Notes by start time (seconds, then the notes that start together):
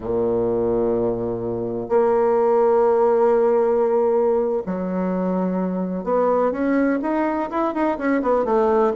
0.00 A#2
1.88 A#3
4.66 F#3
6.03 B3
6.51 C#4
7.02 D#4
7.50 E4
7.74 D#4
7.98 C#4
8.21 B3
8.44 A3